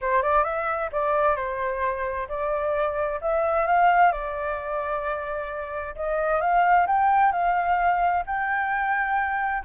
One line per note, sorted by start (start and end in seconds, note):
0.01 0.22 C5
0.22 0.44 D5
0.44 0.90 E5
0.92 1.36 D5
1.36 2.27 C5
2.28 3.19 D5
3.21 3.66 E5
3.66 4.12 F5
4.12 5.95 D5
5.95 6.40 D#5
6.40 6.86 F5
6.87 7.32 G5
7.32 8.23 F5
8.26 9.63 G5